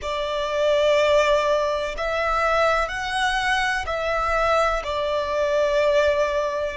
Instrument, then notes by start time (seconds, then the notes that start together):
violin
0.01 D5
1.97 E5
2.88 F#5
3.85 E5
4.83 D5